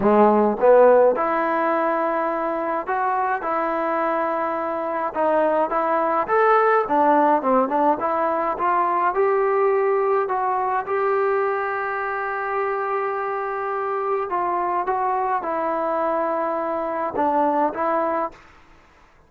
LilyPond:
\new Staff \with { instrumentName = "trombone" } { \time 4/4 \tempo 4 = 105 gis4 b4 e'2~ | e'4 fis'4 e'2~ | e'4 dis'4 e'4 a'4 | d'4 c'8 d'8 e'4 f'4 |
g'2 fis'4 g'4~ | g'1~ | g'4 f'4 fis'4 e'4~ | e'2 d'4 e'4 | }